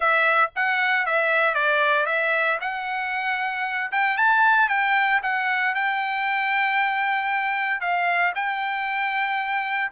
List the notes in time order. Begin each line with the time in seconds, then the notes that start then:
0.00 E5
0.55 F#5
1.06 E5
1.54 D5
2.06 E5
2.61 F#5
3.91 G5
4.17 A5
4.69 G5
5.22 F#5
5.74 G5
7.80 F5
8.35 G5